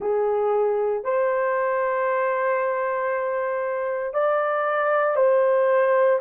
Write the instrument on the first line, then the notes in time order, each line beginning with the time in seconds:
horn
0.00 G#4
1.03 C5
4.13 D5
5.15 C5